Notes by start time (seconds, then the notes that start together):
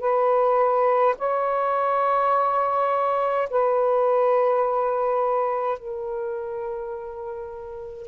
0.00 B4
1.19 C#5
3.50 B4
5.79 A#4